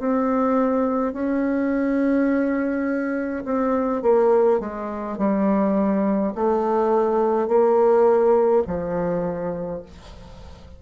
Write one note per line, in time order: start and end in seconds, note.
0.00 1.13 C4
1.13 3.44 C#4
3.45 4.03 C4
4.03 4.60 A#3
4.60 5.18 G#3
5.18 6.34 G3
6.36 7.48 A3
7.48 8.64 A#3
8.67 9.83 F3